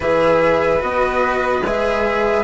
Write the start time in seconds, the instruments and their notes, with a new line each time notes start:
0.00 bassoon E3, cello G#4, violin B4, flute E5
0.79 bassoon B3, cello F#4, flute D#5
1.62 bassoon G#3, cello G#4, flute E5